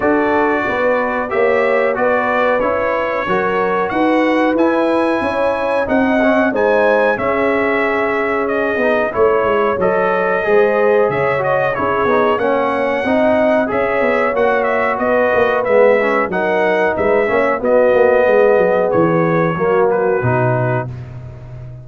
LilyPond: <<
  \new Staff \with { instrumentName = "trumpet" } { \time 4/4 \tempo 4 = 92 d''2 e''4 d''4 | cis''2 fis''4 gis''4~ | gis''4 fis''4 gis''4 e''4~ | e''4 dis''4 cis''4 dis''4~ |
dis''4 e''8 dis''8 cis''4 fis''4~ | fis''4 e''4 fis''8 e''8 dis''4 | e''4 fis''4 e''4 dis''4~ | dis''4 cis''4. b'4. | }
  \new Staff \with { instrumentName = "horn" } { \time 4/4 a'4 b'4 cis''4 b'4~ | b'4 ais'4 b'2 | cis''4 dis''4 c''4 gis'4~ | gis'2 cis''2 |
c''4 cis''4 gis'4 cis''4 | dis''4 cis''2 b'4~ | b'4 ais'4 b'8 cis''8 fis'4 | gis'2 fis'2 | }
  \new Staff \with { instrumentName = "trombone" } { \time 4/4 fis'2 g'4 fis'4 | e'4 fis'2 e'4~ | e'4 dis'8 cis'8 dis'4 cis'4~ | cis'4. dis'8 e'4 a'4 |
gis'4. fis'8 e'8 dis'8 cis'4 | dis'4 gis'4 fis'2 | b8 cis'8 dis'4. cis'8 b4~ | b2 ais4 dis'4 | }
  \new Staff \with { instrumentName = "tuba" } { \time 4/4 d'4 b4 ais4 b4 | cis'4 fis4 dis'4 e'4 | cis'4 c'4 gis4 cis'4~ | cis'4. b8 a8 gis8 fis4 |
gis4 cis4 cis'8 b8 ais4 | c'4 cis'8 b8 ais4 b8 ais8 | gis4 fis4 gis8 ais8 b8 ais8 | gis8 fis8 e4 fis4 b,4 | }
>>